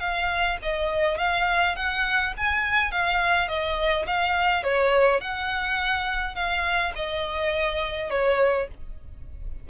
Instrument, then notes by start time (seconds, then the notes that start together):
violin
0.00 F5
0.63 D#5
1.18 F5
1.76 F#5
2.38 G#5
2.92 F5
3.49 D#5
4.07 F5
4.64 C#5
5.21 F#5
6.35 F5
6.96 D#5
8.11 C#5